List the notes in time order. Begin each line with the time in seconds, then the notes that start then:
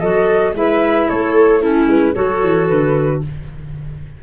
0.00 F#3 F#4 A4 D#5
0.54 G#3 E4 B4 E5
1.08 A3 A4 C#5
1.61 C#4 E4 A4
1.87 G#3 B4
2.14 F#3 F#4 A4 C#5
2.43 E3
2.68 D3 B4